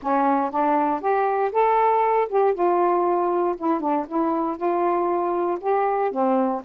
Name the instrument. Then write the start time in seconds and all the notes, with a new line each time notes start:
saxophone
0.02 C#4
0.50 D4
1.00 G4
1.52 A4
2.29 G4
2.54 F4
3.57 E4
3.80 D4
4.08 E4
4.56 F4
5.60 G4
6.11 C4